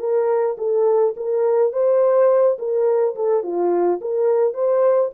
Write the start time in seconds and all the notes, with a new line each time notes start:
0.00 A#4
0.58 A4
1.17 A#4
1.73 C5
2.59 A#4
3.16 A4
3.44 F4
4.02 A#4
4.54 C5